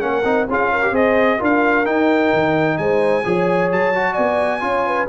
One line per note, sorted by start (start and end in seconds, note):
0.00 0.24 A#3
0.00 0.23 C#4
0.00 0.48 A#4
0.00 0.46 F#5
0.24 0.47 C4
0.24 0.47 D#4
0.48 0.91 C#4
0.48 0.82 F4
0.48 0.72 G#4
0.48 0.95 F5
0.72 0.91 A#4
0.82 0.93 G4
0.91 1.37 C4
0.91 1.38 G#4
0.91 1.38 C5
0.91 1.41 D#5
1.38 1.86 D4
1.38 1.85 F4
1.38 2.77 A#4
1.38 1.85 F5
1.85 3.23 D#4
1.85 2.32 D#4
1.85 2.77 G5
2.33 2.78 D#3
2.77 3.24 G#3
2.77 3.25 C5
2.77 3.70 G#5
3.24 3.72 F3
3.24 3.93 G#4
3.24 4.12 C#5
3.72 4.18 F#3
3.72 4.14 A5
3.94 4.60 F#4
4.12 4.62 B3
4.12 4.59 D5
4.12 5.06 G#5
4.60 5.08 C#4
4.60 5.06 F4
4.66 4.87 C#5
4.87 5.08 B4